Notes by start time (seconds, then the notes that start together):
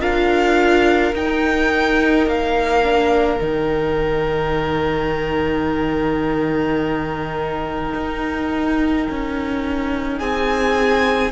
0.00 D4 F4 A#4 F5
1.14 D#4 G5
2.26 A#3 F5
2.83 D4
3.41 D#3 D#4 G5
7.95 D#4
9.10 C#4
10.18 C4 G#4 G#5